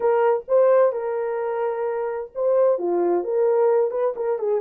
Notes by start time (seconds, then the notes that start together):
0.00 A#4
0.47 C5
0.92 A#4
2.34 C5
2.78 F4
3.24 A#4
3.91 B4
4.15 A#4
4.38 G#4